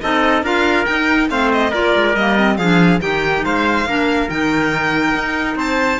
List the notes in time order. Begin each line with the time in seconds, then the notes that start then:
0.00 C4 D#4 A4 D#5
0.42 D4 F4 A#4 F5
0.85 D#4 G5
1.28 A3 C4 C5 F5
1.52 D#5
1.70 A#3 F4 A#4 D5
1.95 G#3
2.15 G3 A#3 D#5
2.37 C4
2.57 F3 D4 G#4 F5
3.00 D#3 D#4 G4 G5
3.44 G#3 C5 F5
3.85 A#3 D4 A#4
4.29 D#3 D#4 G5
5.14 D#4
5.55 C4 C5 A5